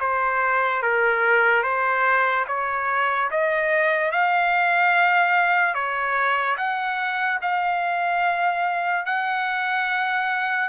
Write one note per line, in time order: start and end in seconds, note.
0.00 0.82 C5
0.82 1.63 A#4
1.63 2.45 C5
2.47 3.30 C#5
3.30 4.11 D#5
4.11 5.74 F5
5.74 6.56 C#5
6.57 7.39 F#5
7.42 9.05 F5
9.05 10.69 F#5